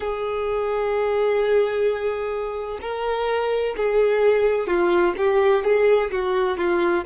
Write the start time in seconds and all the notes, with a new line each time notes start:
0.00 G#4
2.81 A#4
3.76 G#4
4.67 F4
5.17 G4
5.64 G#4
6.11 F#4
6.57 F4